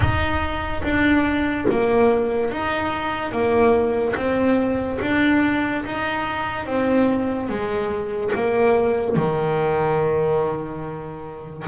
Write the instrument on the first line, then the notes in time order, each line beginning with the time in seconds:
double bass
0.00 D#4
0.83 D4
1.70 A#3
2.51 D#4
3.31 A#3
4.16 C4
5.01 D4
5.84 D#4
6.66 C4
7.49 G#3
8.34 A#3
9.16 D#3